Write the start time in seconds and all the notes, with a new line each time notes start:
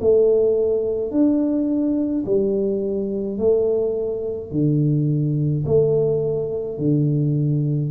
0.00 A3
1.11 D4
2.25 G3
3.38 A3
4.51 D3
5.66 A3
6.78 D3